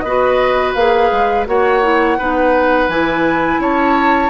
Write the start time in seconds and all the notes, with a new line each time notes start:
0.00 B3 B4 D#5
0.06 F#4
0.74 A#3 G#4 F5
1.11 G#3
1.46 A#3 F#4 C#5 F#5
1.82 E4
2.18 B3 D#4 B4
2.88 E3 E4 G#5
3.59 C#4 C#5 A5